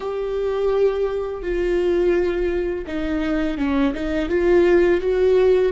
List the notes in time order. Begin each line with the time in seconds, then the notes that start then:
0.00 G4
1.42 F4
2.86 D#4
3.57 C#4
3.94 D#4
4.29 F4
5.01 F#4